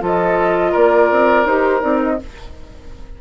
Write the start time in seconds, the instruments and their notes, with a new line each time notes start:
0.00 bassoon F3, clarinet F4, oboe A4, flute D#5
0.71 bassoon A#3, oboe A#4, flute D5
1.11 bassoon C4
1.45 bassoon D#4, clarinet G4, flute C5
1.80 bassoon C4, clarinet D#4, flute D5
2.02 flute D#5